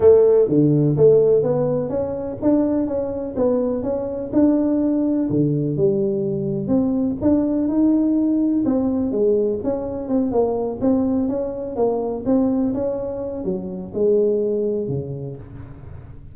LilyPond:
\new Staff \with { instrumentName = "tuba" } { \time 4/4 \tempo 4 = 125 a4 d4 a4 b4 | cis'4 d'4 cis'4 b4 | cis'4 d'2 d4 | g2 c'4 d'4 |
dis'2 c'4 gis4 | cis'4 c'8 ais4 c'4 cis'8~ | cis'8 ais4 c'4 cis'4. | fis4 gis2 cis4 | }